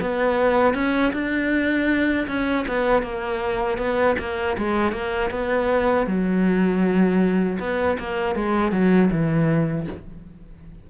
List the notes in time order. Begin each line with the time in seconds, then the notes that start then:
0.00 B3
0.74 C#4
1.13 D4
2.27 C#4
2.67 B3
3.02 A#3
3.77 B3
4.18 A#3
4.57 G#3
4.92 A#3
5.30 B3
6.06 F#3
7.59 B3
7.99 A#3
8.35 G#3
8.71 F#3
9.11 E3